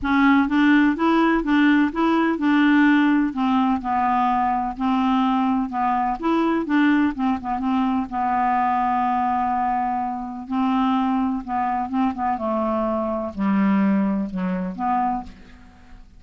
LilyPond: \new Staff \with { instrumentName = "clarinet" } { \time 4/4 \tempo 4 = 126 cis'4 d'4 e'4 d'4 | e'4 d'2 c'4 | b2 c'2 | b4 e'4 d'4 c'8 b8 |
c'4 b2.~ | b2 c'2 | b4 c'8 b8 a2 | g2 fis4 b4 | }